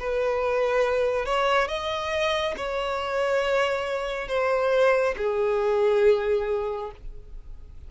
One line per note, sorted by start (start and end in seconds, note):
0.00 1.26 B4
1.26 1.68 C#5
1.68 2.55 D#5
2.57 4.28 C#5
4.28 5.15 C5
5.17 6.91 G#4